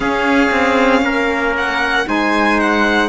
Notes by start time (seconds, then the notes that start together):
0.00 C#4 G#4 F5
0.51 C4
1.01 A#3 A#4
1.57 F#5
2.06 G#3 D#4 C5 G#5
2.60 F#5